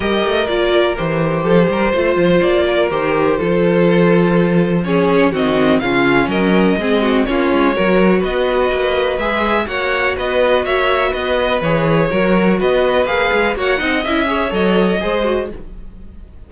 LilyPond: <<
  \new Staff \with { instrumentName = "violin" } { \time 4/4 \tempo 4 = 124 dis''4 d''4 c''2~ | c''4 d''4 c''2~ | c''2 cis''4 dis''4 | f''4 dis''2 cis''4~ |
cis''4 dis''2 e''4 | fis''4 dis''4 e''4 dis''4 | cis''2 dis''4 f''4 | fis''4 e''4 dis''2 | }
  \new Staff \with { instrumentName = "violin" } { \time 4/4 ais'2. a'8 ais'8 | c''4. ais'4. a'4~ | a'2 gis'4 fis'4 | f'4 ais'4 gis'8 fis'8 f'4 |
ais'4 b'2. | cis''4 b'4 cis''4 b'4~ | b'4 ais'4 b'2 | cis''8 dis''4 cis''4. c''4 | }
  \new Staff \with { instrumentName = "viola" } { \time 4/4 g'4 f'4 g'2 | f'2 g'4 f'4~ | f'2 cis'4 c'4 | cis'2 c'4 cis'4 |
fis'2. gis'4 | fis'1 | gis'4 fis'2 gis'4 | fis'8 dis'8 e'8 gis'8 a'4 gis'8 fis'8 | }
  \new Staff \with { instrumentName = "cello" } { \time 4/4 g8 a8 ais4 e4 f8 g8 | a8 f8 ais4 dis4 f4~ | f2. dis4 | cis4 fis4 gis4 ais8 gis8 |
fis4 b4 ais4 gis4 | ais4 b4 ais4 b4 | e4 fis4 b4 ais8 gis8 | ais8 c'8 cis'4 fis4 gis4 | }
>>